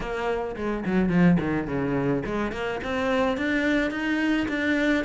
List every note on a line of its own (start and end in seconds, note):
0.00 0.55 A#3
0.56 0.84 G#3
0.85 1.09 F#3
1.09 1.37 F3
1.40 1.67 D#3
1.67 2.23 C#3
2.25 2.52 G#3
2.52 2.80 A#3
2.83 3.37 C4
3.37 3.90 D4
3.90 4.47 D#4
4.48 5.04 D4